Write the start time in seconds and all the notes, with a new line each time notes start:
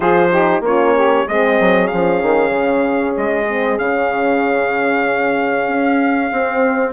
0.00 F3 F4 G#4 C5
0.30 D#4 G4
0.60 A#3 C#4 F4 C#5
0.94 G4
1.26 G#3 C4 G#4 D#5
1.59 F#3
1.87 F3 C#4 F5
2.22 D#3
2.49 C#3
3.16 G#3 D#5
3.48 C4
3.78 C#3 C#4 F5
5.67 C#4
6.31 C4